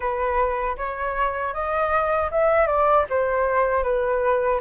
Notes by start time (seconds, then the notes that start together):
0.00 B4
0.77 C#5
1.53 D#5
2.31 E5
2.66 D5
3.09 C5
3.83 B4